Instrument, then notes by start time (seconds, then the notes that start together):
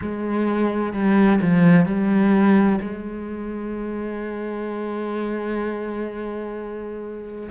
cello
0.01 G#3
0.92 G3
1.41 F3
1.85 G3
2.80 G#3